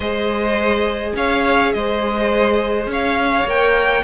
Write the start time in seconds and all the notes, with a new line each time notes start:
0.00 G#3 G#4 C5 D#5
1.15 C#4 C#5 F5
1.73 G#3 C5 D#5
2.86 C#4 C#5 F5
3.45 A#3 A#4 G5